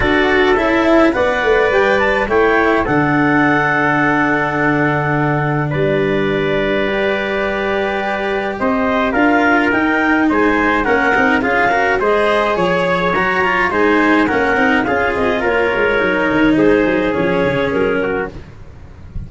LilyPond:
<<
  \new Staff \with { instrumentName = "clarinet" } { \time 4/4 \tempo 4 = 105 d''4 e''4 fis''4 g''8 a''8 | g''4 fis''2.~ | fis''2 d''2~ | d''2. dis''4 |
f''4 g''4 gis''4 fis''4 | f''4 dis''4 cis''4 ais''4 | gis''4 fis''4 f''8 dis''8 cis''4~ | cis''4 c''4 cis''4 ais'4 | }
  \new Staff \with { instrumentName = "trumpet" } { \time 4/4 a'2 d''2 | cis''4 a'2.~ | a'2 b'2~ | b'2. c''4 |
ais'2 c''4 ais'4 | gis'8 ais'8 c''4 cis''2 | c''4 ais'4 gis'4 ais'4~ | ais'4 gis'2~ gis'8 fis'8 | }
  \new Staff \with { instrumentName = "cello" } { \time 4/4 fis'4 e'4 b'2 | e'4 d'2.~ | d'1 | g'1 |
f'4 dis'2 cis'8 dis'8 | f'8 fis'8 gis'2 fis'8 f'8 | dis'4 cis'8 dis'8 f'2 | dis'2 cis'2 | }
  \new Staff \with { instrumentName = "tuba" } { \time 4/4 d'4 cis'4 b8 a8 g4 | a4 d2.~ | d2 g2~ | g2. c'4 |
d'4 dis'4 gis4 ais8 c'8 | cis'4 gis4 f4 fis4 | gis4 ais8 c'8 cis'8 c'8 ais8 gis8 | fis8 dis8 gis8 fis8 f8 cis8 fis4 | }
>>